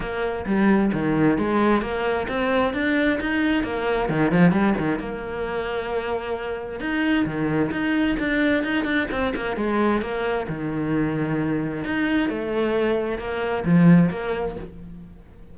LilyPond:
\new Staff \with { instrumentName = "cello" } { \time 4/4 \tempo 4 = 132 ais4 g4 dis4 gis4 | ais4 c'4 d'4 dis'4 | ais4 dis8 f8 g8 dis8 ais4~ | ais2. dis'4 |
dis4 dis'4 d'4 dis'8 d'8 | c'8 ais8 gis4 ais4 dis4~ | dis2 dis'4 a4~ | a4 ais4 f4 ais4 | }